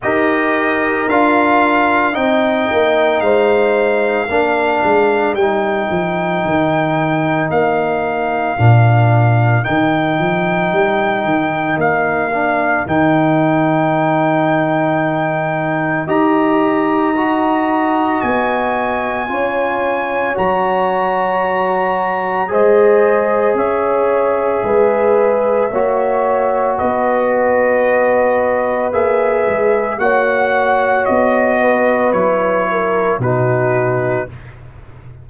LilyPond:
<<
  \new Staff \with { instrumentName = "trumpet" } { \time 4/4 \tempo 4 = 56 dis''4 f''4 g''4 f''4~ | f''4 g''2 f''4~ | f''4 g''2 f''4 | g''2. ais''4~ |
ais''4 gis''2 ais''4~ | ais''4 dis''4 e''2~ | e''4 dis''2 e''4 | fis''4 dis''4 cis''4 b'4 | }
  \new Staff \with { instrumentName = "horn" } { \time 4/4 ais'2 dis''4 c''4 | ais'1~ | ais'1~ | ais'2. dis''4~ |
dis''2 cis''2~ | cis''4 c''4 cis''4 b'4 | cis''4 b'2. | cis''4. b'4 ais'8 fis'4 | }
  \new Staff \with { instrumentName = "trombone" } { \time 4/4 g'4 f'4 dis'2 | d'4 dis'2. | d'4 dis'2~ dis'8 d'8 | dis'2. g'4 |
fis'2 f'4 fis'4~ | fis'4 gis'2. | fis'2. gis'4 | fis'2 e'4 dis'4 | }
  \new Staff \with { instrumentName = "tuba" } { \time 4/4 dis'4 d'4 c'8 ais8 gis4 | ais8 gis8 g8 f8 dis4 ais4 | ais,4 dis8 f8 g8 dis8 ais4 | dis2. dis'4~ |
dis'4 b4 cis'4 fis4~ | fis4 gis4 cis'4 gis4 | ais4 b2 ais8 gis8 | ais4 b4 fis4 b,4 | }
>>